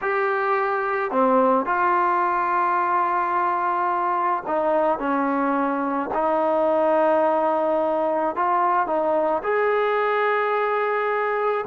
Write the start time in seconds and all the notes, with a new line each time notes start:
0.02 G4
1.11 C4
1.65 F4
4.46 D#4
4.98 C#4
6.13 D#4
8.35 F4
8.86 D#4
9.43 G#4